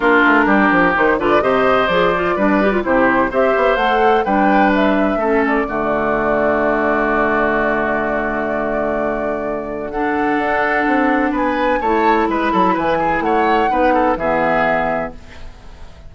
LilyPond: <<
  \new Staff \with { instrumentName = "flute" } { \time 4/4 \tempo 4 = 127 ais'2 c''8 d''8 dis''4 | d''2 c''4 e''4 | fis''4 g''4 e''4. d''8~ | d''1~ |
d''1~ | d''4 fis''2. | gis''4 a''4 b''4 gis''4 | fis''2 e''2 | }
  \new Staff \with { instrumentName = "oboe" } { \time 4/4 f'4 g'4. b'8 c''4~ | c''4 b'4 g'4 c''4~ | c''4 b'2 a'4 | fis'1~ |
fis'1~ | fis'4 a'2. | b'4 cis''4 b'8 a'8 b'8 gis'8 | cis''4 b'8 a'8 gis'2 | }
  \new Staff \with { instrumentName = "clarinet" } { \time 4/4 d'2 dis'8 f'8 g'4 | gis'8 f'8 d'8 g'16 f'16 e'4 g'4 | a'4 d'2 cis'4 | a1~ |
a1~ | a4 d'2.~ | d'4 e'2.~ | e'4 dis'4 b2 | }
  \new Staff \with { instrumentName = "bassoon" } { \time 4/4 ais8 a8 g8 f8 dis8 d8 c4 | f4 g4 c4 c'8 b8 | a4 g2 a4 | d1~ |
d1~ | d2 d'4 c'4 | b4 a4 gis8 fis8 e4 | a4 b4 e2 | }
>>